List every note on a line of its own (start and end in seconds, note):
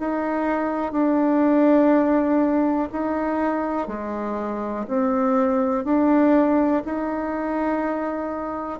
0.00 0.93 D#4
0.93 2.89 D4
2.92 3.88 D#4
3.88 4.86 G#3
4.88 5.85 C4
5.85 6.83 D4
6.85 8.80 D#4